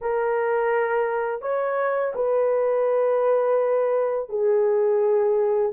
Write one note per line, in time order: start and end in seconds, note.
0.01 1.41 A#4
1.41 2.13 C#5
2.15 4.29 B4
4.29 5.72 G#4